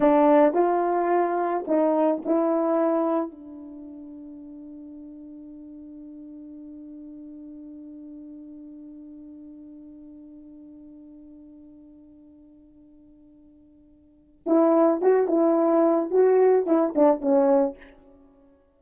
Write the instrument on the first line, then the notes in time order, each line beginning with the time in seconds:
horn
0.00 D4
0.53 F4
1.67 D#4
2.25 E4
3.31 D4
14.46 E4
15.02 F#4
15.27 E4
16.10 F#4
16.66 E4
16.95 D4
17.21 C#4